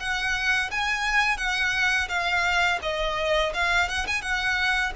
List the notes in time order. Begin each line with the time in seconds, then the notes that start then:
0.00 F#5
0.71 G#5
1.38 F#5
2.09 F5
2.82 D#5
3.54 F5
3.89 F#5
4.07 G#5
4.22 F#5